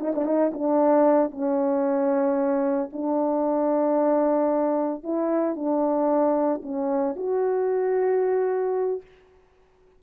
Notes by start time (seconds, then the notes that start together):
0.00 D#4
0.15 D4
0.26 D#4
0.54 D4
1.32 C#4
2.93 D4
5.04 E4
5.56 D4
6.63 C#4
7.16 F#4